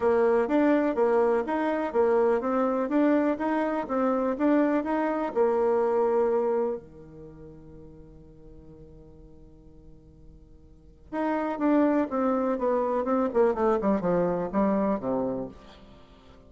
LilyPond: \new Staff \with { instrumentName = "bassoon" } { \time 4/4 \tempo 4 = 124 ais4 d'4 ais4 dis'4 | ais4 c'4 d'4 dis'4 | c'4 d'4 dis'4 ais4~ | ais2 dis2~ |
dis1~ | dis2. dis'4 | d'4 c'4 b4 c'8 ais8 | a8 g8 f4 g4 c4 | }